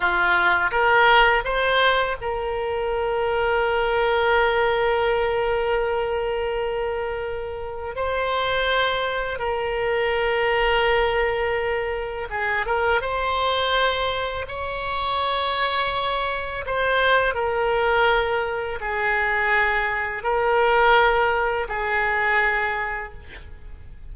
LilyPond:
\new Staff \with { instrumentName = "oboe" } { \time 4/4 \tempo 4 = 83 f'4 ais'4 c''4 ais'4~ | ais'1~ | ais'2. c''4~ | c''4 ais'2.~ |
ais'4 gis'8 ais'8 c''2 | cis''2. c''4 | ais'2 gis'2 | ais'2 gis'2 | }